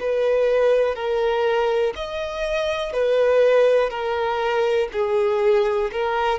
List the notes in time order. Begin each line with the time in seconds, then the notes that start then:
0.00 B4
0.95 A#4
1.95 D#5
2.92 B4
3.90 A#4
4.92 G#4
5.92 A#4